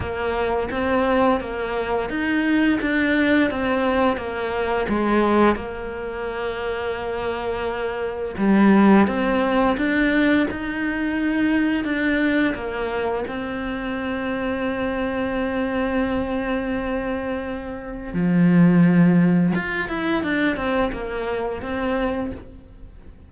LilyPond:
\new Staff \with { instrumentName = "cello" } { \time 4/4 \tempo 4 = 86 ais4 c'4 ais4 dis'4 | d'4 c'4 ais4 gis4 | ais1 | g4 c'4 d'4 dis'4~ |
dis'4 d'4 ais4 c'4~ | c'1~ | c'2 f2 | f'8 e'8 d'8 c'8 ais4 c'4 | }